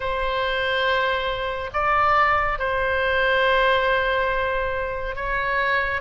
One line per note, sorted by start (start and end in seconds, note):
0.00 1.70 C5
1.73 2.58 D5
2.58 5.15 C5
5.15 6.01 C#5